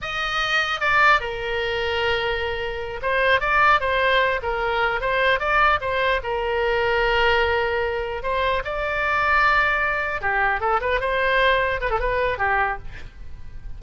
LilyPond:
\new Staff \with { instrumentName = "oboe" } { \time 4/4 \tempo 4 = 150 dis''2 d''4 ais'4~ | ais'2.~ ais'8 c''8~ | c''8 d''4 c''4. ais'4~ | ais'8 c''4 d''4 c''4 ais'8~ |
ais'1~ | ais'8 c''4 d''2~ d''8~ | d''4. g'4 a'8 b'8 c''8~ | c''4. b'16 a'16 b'4 g'4 | }